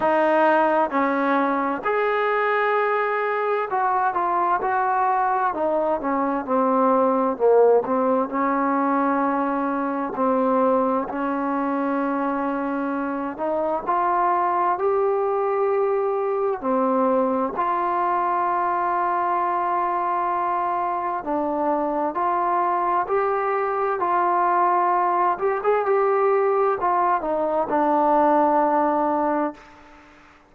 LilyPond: \new Staff \with { instrumentName = "trombone" } { \time 4/4 \tempo 4 = 65 dis'4 cis'4 gis'2 | fis'8 f'8 fis'4 dis'8 cis'8 c'4 | ais8 c'8 cis'2 c'4 | cis'2~ cis'8 dis'8 f'4 |
g'2 c'4 f'4~ | f'2. d'4 | f'4 g'4 f'4. g'16 gis'16 | g'4 f'8 dis'8 d'2 | }